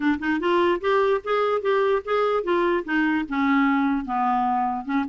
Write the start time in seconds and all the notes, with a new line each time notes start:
0.00 D4
0.19 D#4
0.40 F4
0.80 G4
1.23 G#4
1.61 G4
2.04 G#4
2.43 F4
2.84 D#4
3.28 C#4
4.05 B3
4.85 C#4